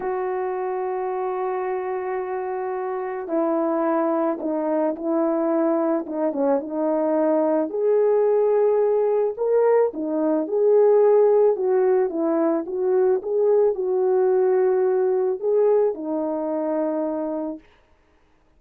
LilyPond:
\new Staff \with { instrumentName = "horn" } { \time 4/4 \tempo 4 = 109 fis'1~ | fis'2 e'2 | dis'4 e'2 dis'8 cis'8 | dis'2 gis'2~ |
gis'4 ais'4 dis'4 gis'4~ | gis'4 fis'4 e'4 fis'4 | gis'4 fis'2. | gis'4 dis'2. | }